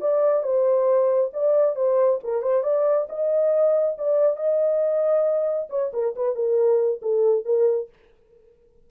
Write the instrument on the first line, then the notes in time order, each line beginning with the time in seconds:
horn
0.00 D5
0.43 C5
1.33 D5
1.75 C5
2.23 A#4
2.42 C5
2.63 D5
3.09 D#5
3.98 D5
4.36 D#5
5.70 C#5
5.93 A#4
6.15 B4
6.35 A#4
7.02 A4
7.45 A#4